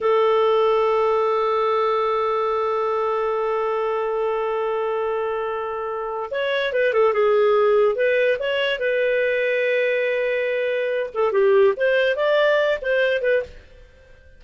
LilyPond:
\new Staff \with { instrumentName = "clarinet" } { \time 4/4 \tempo 4 = 143 a'1~ | a'1~ | a'1~ | a'2. cis''4 |
b'8 a'8 gis'2 b'4 | cis''4 b'2.~ | b'2~ b'8 a'8 g'4 | c''4 d''4. c''4 b'8 | }